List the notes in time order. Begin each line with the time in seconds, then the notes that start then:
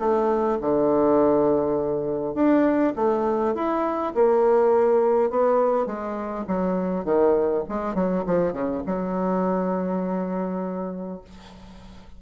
0.00 A3
0.61 D3
2.35 D4
2.96 A3
3.55 E4
4.15 A#3
5.31 B3
5.86 G#3
6.48 F#3
7.05 D#3
7.69 G#3
7.95 F#3
8.27 F3
8.53 C#3
8.86 F#3